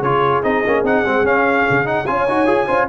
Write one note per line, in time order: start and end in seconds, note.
0.00 0.42 C#3
0.00 0.43 F4
0.00 2.04 G#4
0.00 0.42 C#5
0.43 0.64 C4
0.43 0.64 D#4
0.43 0.84 D#5
0.66 0.83 A#3
0.66 0.85 C#4
0.83 1.03 C4
0.83 1.05 D#4
0.83 1.26 F#5
1.05 1.24 G#3
1.05 1.24 C4
1.24 1.65 C#4
1.24 1.84 C#4
1.24 1.87 F5
1.70 2.08 C#3
1.84 2.05 D#4
1.84 2.06 F#5
2.06 2.28 C#4
2.06 2.27 F4
2.06 2.66 C#5
2.06 2.88 G#5
2.28 2.46 D#4
2.28 2.46 F#4
2.46 2.67 F4
2.46 2.67 G#4
2.66 2.89 C#4
2.66 2.88 F4
2.66 2.86 C5